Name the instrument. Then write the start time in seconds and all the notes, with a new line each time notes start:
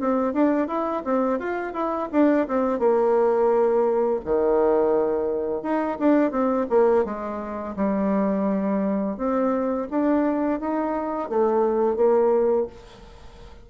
bassoon
0.00 C4
0.33 D4
0.67 E4
1.04 C4
1.39 F4
1.73 E4
2.12 D4
2.47 C4
2.79 A#3
4.24 D#3
5.62 D#4
5.99 D4
6.31 C4
6.69 A#3
7.04 G#3
7.76 G3
9.17 C4
9.90 D4
10.59 D#4
11.29 A3
11.96 A#3